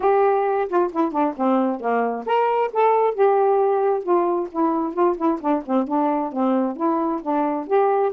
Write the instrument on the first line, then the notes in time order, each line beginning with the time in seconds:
saxophone
0.00 G4
0.68 F4
0.92 E4
1.11 D4
1.36 C4
1.80 A#3
2.26 A#4
2.72 A4
3.14 G4
4.03 F4
4.51 E4
4.93 F4
5.17 E4
5.40 D4
5.66 C4
5.87 D4
6.32 C4
6.76 E4
7.22 D4
7.67 G4